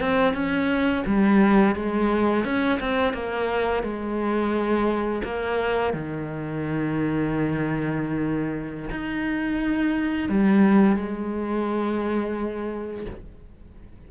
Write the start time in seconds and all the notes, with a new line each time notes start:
0.00 C4
0.34 C#4
1.06 G3
1.75 G#3
2.44 C#4
2.79 C4
3.13 A#3
3.83 G#3
5.24 A#3
5.93 D#3
8.90 D#4
10.29 G3
10.96 G#3